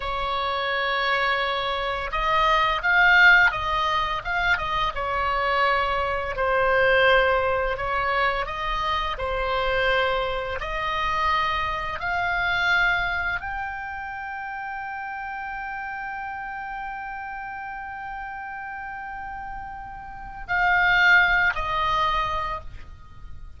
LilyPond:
\new Staff \with { instrumentName = "oboe" } { \time 4/4 \tempo 4 = 85 cis''2. dis''4 | f''4 dis''4 f''8 dis''8 cis''4~ | cis''4 c''2 cis''4 | dis''4 c''2 dis''4~ |
dis''4 f''2 g''4~ | g''1~ | g''1~ | g''4 f''4. dis''4. | }